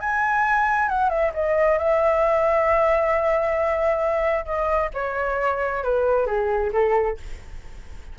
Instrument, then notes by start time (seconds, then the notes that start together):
flute
0.00 G#5
0.89 F#5
1.09 E5
1.34 D#5
1.78 E5
4.45 D#5
4.94 C#5
5.83 B4
6.26 G#4
6.72 A4